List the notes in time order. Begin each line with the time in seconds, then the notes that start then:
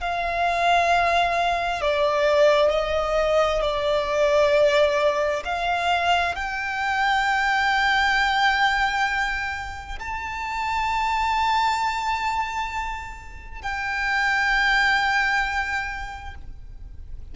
0.00 F5
1.81 D5
2.70 D#5
3.61 D5
5.44 F5
6.35 G5
9.99 A5
13.62 G5